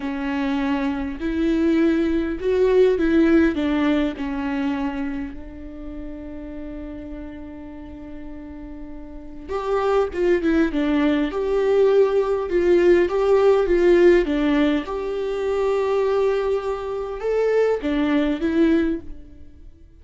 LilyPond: \new Staff \with { instrumentName = "viola" } { \time 4/4 \tempo 4 = 101 cis'2 e'2 | fis'4 e'4 d'4 cis'4~ | cis'4 d'2.~ | d'1 |
g'4 f'8 e'8 d'4 g'4~ | g'4 f'4 g'4 f'4 | d'4 g'2.~ | g'4 a'4 d'4 e'4 | }